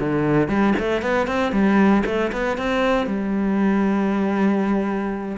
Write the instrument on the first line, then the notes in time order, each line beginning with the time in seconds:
cello
0.00 D3
0.49 G3
0.79 A3
1.02 B3
1.28 C4
1.52 G3
2.06 A3
2.33 B3
2.58 C4
3.07 G3